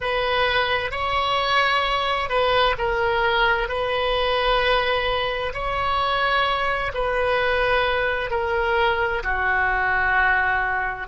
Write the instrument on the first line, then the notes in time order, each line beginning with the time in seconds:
oboe
0.00 B4
0.91 C#5
2.29 B4
2.78 A#4
3.68 B4
5.53 C#5
6.94 B4
8.30 A#4
9.23 F#4